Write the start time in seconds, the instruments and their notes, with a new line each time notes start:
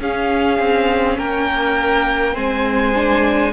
0.00 cello C#4, viola C#4, violin G#4 F5
0.59 cello C4
1.18 cello A#3, violin A#4 G5
2.34 cello G#3, viola C4, violin C5 G#5
2.95 viola D4